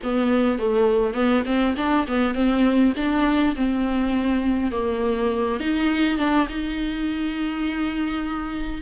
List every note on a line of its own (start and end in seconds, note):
0.03 0.59 B3
0.59 1.14 A3
1.14 1.43 B3
1.45 1.75 C4
1.76 2.06 D4
2.07 2.34 B3
2.34 2.93 C4
2.96 3.55 D4
3.56 4.71 C4
4.71 5.60 A#3
5.60 6.17 D#4
6.17 6.47 D4
6.48 8.81 D#4